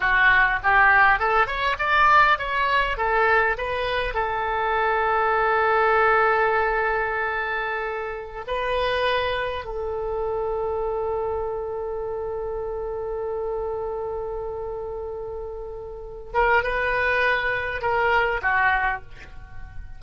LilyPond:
\new Staff \with { instrumentName = "oboe" } { \time 4/4 \tempo 4 = 101 fis'4 g'4 a'8 cis''8 d''4 | cis''4 a'4 b'4 a'4~ | a'1~ | a'2~ a'16 b'4.~ b'16~ |
b'16 a'2.~ a'8.~ | a'1~ | a'2.~ a'8 ais'8 | b'2 ais'4 fis'4 | }